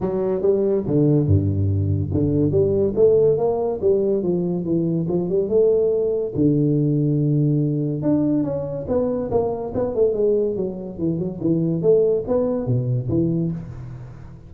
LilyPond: \new Staff \with { instrumentName = "tuba" } { \time 4/4 \tempo 4 = 142 fis4 g4 d4 g,4~ | g,4 d4 g4 a4 | ais4 g4 f4 e4 | f8 g8 a2 d4~ |
d2. d'4 | cis'4 b4 ais4 b8 a8 | gis4 fis4 e8 fis8 e4 | a4 b4 b,4 e4 | }